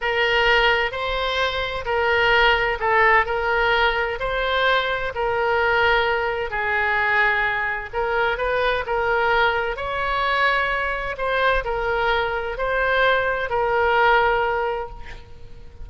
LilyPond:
\new Staff \with { instrumentName = "oboe" } { \time 4/4 \tempo 4 = 129 ais'2 c''2 | ais'2 a'4 ais'4~ | ais'4 c''2 ais'4~ | ais'2 gis'2~ |
gis'4 ais'4 b'4 ais'4~ | ais'4 cis''2. | c''4 ais'2 c''4~ | c''4 ais'2. | }